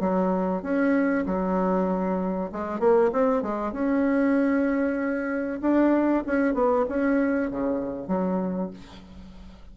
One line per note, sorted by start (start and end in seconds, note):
0.00 0.62 F#3
0.62 1.25 C#4
1.26 2.51 F#3
2.52 2.80 G#3
2.80 3.11 A#3
3.12 3.43 C4
3.43 3.73 G#3
3.73 5.60 C#4
5.61 6.24 D4
6.26 6.54 C#4
6.54 6.85 B3
6.89 7.51 C#4
7.51 8.08 C#3
8.08 8.70 F#3